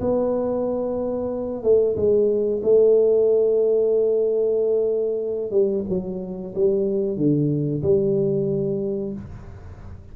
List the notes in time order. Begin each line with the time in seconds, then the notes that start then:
0.00 B3
1.63 A3
1.96 G#3
2.63 A3
5.51 G3
5.89 F#3
6.55 G3
7.17 D3
7.82 G3